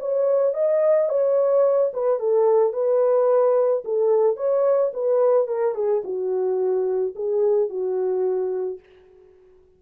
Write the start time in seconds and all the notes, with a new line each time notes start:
0.00 C#5
0.54 D#5
1.10 C#5
1.94 B4
2.20 A4
2.73 B4
3.85 A4
4.37 C#5
4.94 B4
5.48 A#4
5.75 G#4
6.05 F#4
7.16 G#4
7.70 F#4